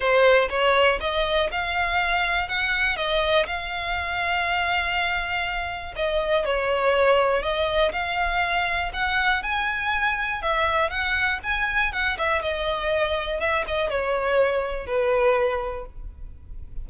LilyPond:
\new Staff \with { instrumentName = "violin" } { \time 4/4 \tempo 4 = 121 c''4 cis''4 dis''4 f''4~ | f''4 fis''4 dis''4 f''4~ | f''1 | dis''4 cis''2 dis''4 |
f''2 fis''4 gis''4~ | gis''4 e''4 fis''4 gis''4 | fis''8 e''8 dis''2 e''8 dis''8 | cis''2 b'2 | }